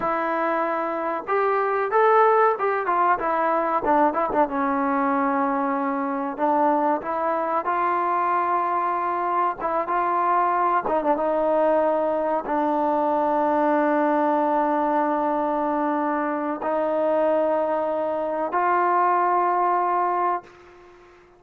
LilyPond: \new Staff \with { instrumentName = "trombone" } { \time 4/4 \tempo 4 = 94 e'2 g'4 a'4 | g'8 f'8 e'4 d'8 e'16 d'16 cis'4~ | cis'2 d'4 e'4 | f'2. e'8 f'8~ |
f'4 dis'16 d'16 dis'2 d'8~ | d'1~ | d'2 dis'2~ | dis'4 f'2. | }